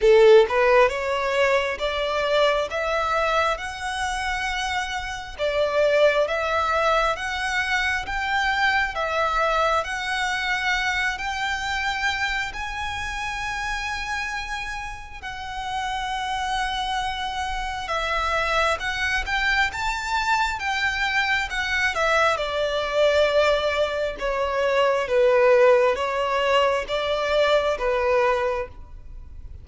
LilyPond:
\new Staff \with { instrumentName = "violin" } { \time 4/4 \tempo 4 = 67 a'8 b'8 cis''4 d''4 e''4 | fis''2 d''4 e''4 | fis''4 g''4 e''4 fis''4~ | fis''8 g''4. gis''2~ |
gis''4 fis''2. | e''4 fis''8 g''8 a''4 g''4 | fis''8 e''8 d''2 cis''4 | b'4 cis''4 d''4 b'4 | }